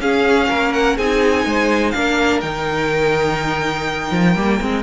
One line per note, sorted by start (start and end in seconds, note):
0.00 0.48 C#4
0.00 0.99 C#4
0.00 0.49 G#4
0.00 0.73 F5
0.49 0.98 A#3
0.49 0.97 A#4
0.73 0.97 F#5
0.97 1.46 C4
0.97 1.95 D#4
0.97 1.45 G#4
0.97 1.92 G#5
1.46 1.94 G#3
1.46 1.95 C5
1.92 2.43 A#3
1.92 2.43 D4
1.92 4.83 A#4
1.92 2.40 F5
2.41 4.11 D#3
2.41 4.36 D#4
2.41 4.83 G5
4.11 4.35 F3
4.36 4.60 G3
4.36 4.60 A#3
4.61 4.83 G#3
4.61 4.83 C4